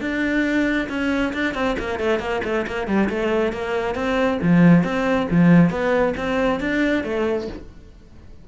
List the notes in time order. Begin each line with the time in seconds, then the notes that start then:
0.00 D4
0.89 C#4
1.33 D4
1.54 C4
1.79 A#3
1.99 A3
2.19 A#3
2.44 A3
2.67 A#3
2.87 G3
3.09 A3
3.52 A#3
3.95 C4
4.42 F3
4.83 C4
5.30 F3
5.70 B3
6.17 C4
6.60 D4
7.04 A3